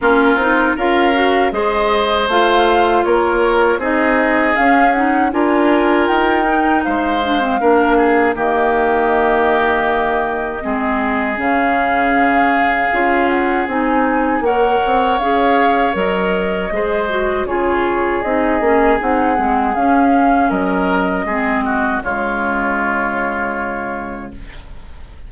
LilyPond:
<<
  \new Staff \with { instrumentName = "flute" } { \time 4/4 \tempo 4 = 79 ais'4 f''4 dis''4 f''4 | cis''4 dis''4 f''8 fis''8 gis''4 | g''4 f''2 dis''4~ | dis''2. f''4~ |
f''4. fis''8 gis''4 fis''4 | f''4 dis''2 cis''4 | dis''4 fis''4 f''4 dis''4~ | dis''4 cis''2. | }
  \new Staff \with { instrumentName = "oboe" } { \time 4/4 f'4 ais'4 c''2 | ais'4 gis'2 ais'4~ | ais'4 c''4 ais'8 gis'8 g'4~ | g'2 gis'2~ |
gis'2. cis''4~ | cis''2 c''4 gis'4~ | gis'2. ais'4 | gis'8 fis'8 f'2. | }
  \new Staff \with { instrumentName = "clarinet" } { \time 4/4 cis'8 dis'8 f'8 fis'8 gis'4 f'4~ | f'4 dis'4 cis'8 dis'8 f'4~ | f'8 dis'4 d'16 c'16 d'4 ais4~ | ais2 c'4 cis'4~ |
cis'4 f'4 dis'4 ais'4 | gis'4 ais'4 gis'8 fis'8 f'4 | dis'8 cis'8 dis'8 c'8 cis'2 | c'4 gis2. | }
  \new Staff \with { instrumentName = "bassoon" } { \time 4/4 ais8 c'8 cis'4 gis4 a4 | ais4 c'4 cis'4 d'4 | dis'4 gis4 ais4 dis4~ | dis2 gis4 cis4~ |
cis4 cis'4 c'4 ais8 c'8 | cis'4 fis4 gis4 cis4 | c'8 ais8 c'8 gis8 cis'4 fis4 | gis4 cis2. | }
>>